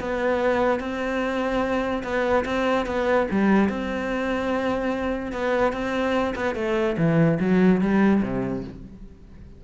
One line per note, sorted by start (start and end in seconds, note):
0.00 0.80 B3
0.80 2.03 C4
2.04 2.45 B3
2.45 2.86 C4
2.86 3.27 B3
3.31 3.69 G3
3.69 5.33 C4
5.33 5.73 B3
5.73 6.35 C4
6.36 6.55 B3
6.55 6.97 A3
6.98 7.39 E3
7.40 7.81 F#3
7.81 8.22 G3
8.23 8.64 C3